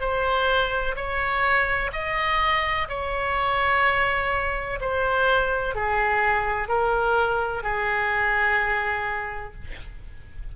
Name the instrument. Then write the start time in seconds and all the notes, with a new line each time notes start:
oboe
0.00 C5
0.96 C#5
1.93 D#5
2.89 C#5
4.81 C5
5.75 G#4
6.68 A#4
7.63 G#4